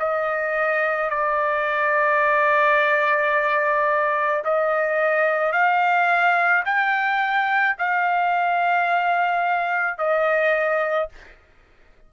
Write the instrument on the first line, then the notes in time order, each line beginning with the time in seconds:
trumpet
0.00 D#5
1.10 D5
4.44 D#5
5.53 F5
6.66 G5
7.78 F5
9.98 D#5